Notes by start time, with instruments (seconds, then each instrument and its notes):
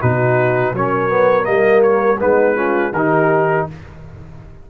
0.00 tuba B2, trombone D#4, horn F#4, trumpet B4
0.73 tuba F#3, trombone C#4, horn A#4, trumpet C#5
1.09 trombone B3
1.44 tuba G3, trombone A#3, trumpet D#5
1.83 trumpet C#5
2.19 tuba G#3, trombone B3, horn D#4, trumpet B4
2.55 trombone C#4, horn F4
2.92 tuba D#3, trombone D#4, horn G4, trumpet A#4